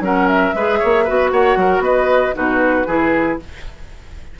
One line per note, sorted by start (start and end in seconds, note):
0.00 0.52 F#3
0.00 0.54 C#4
0.00 0.55 A#4
0.00 0.27 F#5
0.27 1.31 E5
0.54 0.80 G#3
0.54 1.07 G#4
0.54 0.79 B4
0.79 1.10 A#3
0.79 1.04 C#5
1.04 1.32 B3
1.04 2.34 F#4
1.04 1.30 B4
1.31 1.56 A#3
1.31 1.58 C#5
1.31 1.83 F#5
1.56 1.80 F#3
1.56 1.84 A#4
1.80 2.31 B3
1.80 2.35 B4
1.80 2.35 D#5
2.34 2.87 B2
2.34 2.85 D#4
2.34 2.87 F#4
2.34 3.40 B4
2.87 3.38 E3
2.87 3.39 E4
2.87 3.39 G#4